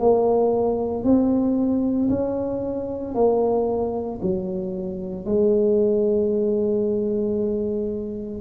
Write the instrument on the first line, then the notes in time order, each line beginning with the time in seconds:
tuba
0.00 A#3
1.04 C4
2.10 C#4
3.15 A#3
4.22 F#3
5.26 G#3